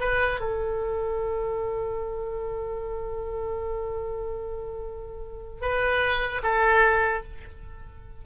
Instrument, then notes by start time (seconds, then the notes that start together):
oboe
0.00 B4
0.40 A4
5.61 B4
6.43 A4